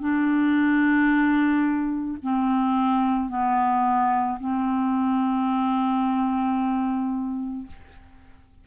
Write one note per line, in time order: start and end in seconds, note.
0.00 2.18 D4
2.23 3.29 C4
3.29 4.38 B3
4.40 7.67 C4